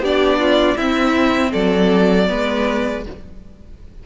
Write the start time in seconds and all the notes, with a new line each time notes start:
0.00 B3 D4 G4 D5
0.39 F4
0.77 C4 E4 E5
1.52 F#3 A4 D5
2.27 G#3 B3 B4